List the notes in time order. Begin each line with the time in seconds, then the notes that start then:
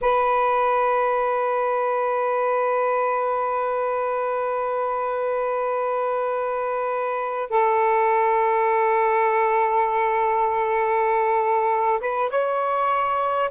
0.01 B4
7.50 A4
11.99 B4
12.30 C#5